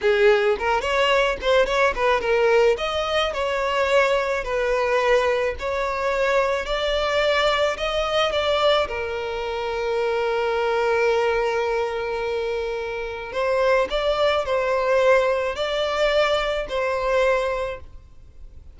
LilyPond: \new Staff \with { instrumentName = "violin" } { \time 4/4 \tempo 4 = 108 gis'4 ais'8 cis''4 c''8 cis''8 b'8 | ais'4 dis''4 cis''2 | b'2 cis''2 | d''2 dis''4 d''4 |
ais'1~ | ais'1 | c''4 d''4 c''2 | d''2 c''2 | }